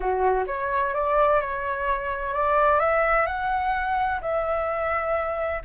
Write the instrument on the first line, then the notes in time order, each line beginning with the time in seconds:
flute
0.00 F#4
0.47 C#5
0.94 D5
1.41 C#5
2.33 D5
2.79 E5
3.26 F#5
4.21 E5